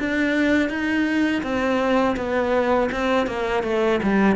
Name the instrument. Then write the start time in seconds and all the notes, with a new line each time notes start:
cello
0.00 D4
0.70 D#4
1.43 C4
2.17 B3
2.92 C4
3.27 A#3
3.64 A3
4.03 G3